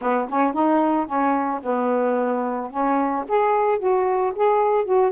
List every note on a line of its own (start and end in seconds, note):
0.01 0.28 B3
0.29 0.53 C#4
0.53 1.06 D#4
1.06 1.60 C#4
1.62 2.70 B3
2.70 3.24 C#4
3.28 3.78 G#4
3.78 4.32 F#4
4.35 4.85 G#4
4.85 5.11 F#4